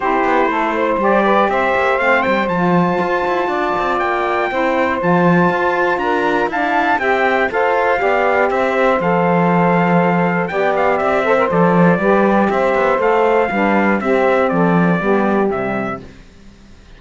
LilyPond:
<<
  \new Staff \with { instrumentName = "trumpet" } { \time 4/4 \tempo 4 = 120 c''2 d''4 e''4 | f''8 g''8 a''2. | g''2 a''2 | ais''4 a''4 g''4 f''4~ |
f''4 e''4 f''2~ | f''4 g''8 f''8 e''4 d''4~ | d''4 e''4 f''2 | e''4 d''2 e''4 | }
  \new Staff \with { instrumentName = "saxophone" } { \time 4/4 g'4 a'8 c''4 b'8 c''4~ | c''2. d''4~ | d''4 c''2. | ais'4 f''4 e''4 c''4 |
d''4 c''2.~ | c''4 d''4. c''4. | b'4 c''2 b'4 | g'4 a'4 g'2 | }
  \new Staff \with { instrumentName = "saxophone" } { \time 4/4 e'2 g'2 | c'4 f'2.~ | f'4 e'4 f'2~ | f'4 d'4 g'4 a'4 |
g'2 a'2~ | a'4 g'4. a'16 ais'16 a'4 | g'2 a'4 d'4 | c'2 b4 g4 | }
  \new Staff \with { instrumentName = "cello" } { \time 4/4 c'8 b8 a4 g4 c'8 ais8 | a8 g8 f4 f'8 e'8 d'8 c'8 | ais4 c'4 f4 f'4 | d'4 e'4 c'4 f'4 |
b4 c'4 f2~ | f4 b4 c'4 f4 | g4 c'8 b8 a4 g4 | c'4 f4 g4 c4 | }
>>